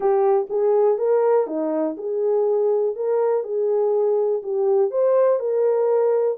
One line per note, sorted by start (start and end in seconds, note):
0.00 0.47 G4
0.49 0.98 G#4
0.98 1.46 A#4
1.46 1.96 D#4
1.97 2.95 G#4
2.95 3.43 A#4
3.43 4.42 G#4
4.42 4.90 G4
4.90 5.39 C5
5.39 6.38 A#4